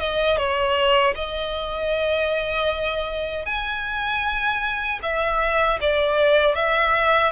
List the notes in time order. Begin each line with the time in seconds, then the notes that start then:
0.00 D#5
0.38 C#5
1.15 D#5
3.46 G#5
5.03 E5
5.81 D5
6.56 E5